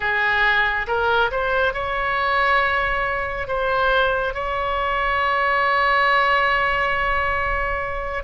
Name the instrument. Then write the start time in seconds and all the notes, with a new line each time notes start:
oboe
0.00 G#4
0.87 A#4
1.31 C5
1.74 C#5
3.47 C5
4.34 C#5